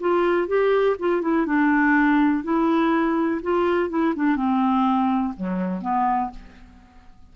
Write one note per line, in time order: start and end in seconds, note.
0.00 0.48 F4
0.48 0.97 G4
0.99 1.22 F4
1.22 1.46 E4
1.46 2.43 D4
2.44 3.41 E4
3.43 3.90 F4
3.90 4.14 E4
4.16 4.36 D4
4.36 5.34 C4
5.37 5.82 F#3
5.82 6.30 B3